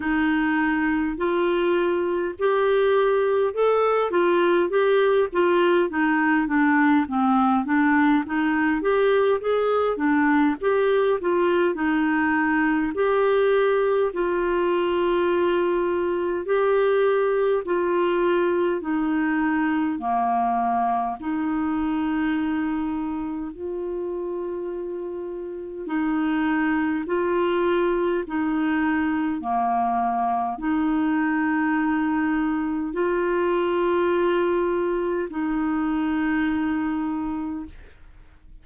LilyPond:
\new Staff \with { instrumentName = "clarinet" } { \time 4/4 \tempo 4 = 51 dis'4 f'4 g'4 a'8 f'8 | g'8 f'8 dis'8 d'8 c'8 d'8 dis'8 g'8 | gis'8 d'8 g'8 f'8 dis'4 g'4 | f'2 g'4 f'4 |
dis'4 ais4 dis'2 | f'2 dis'4 f'4 | dis'4 ais4 dis'2 | f'2 dis'2 | }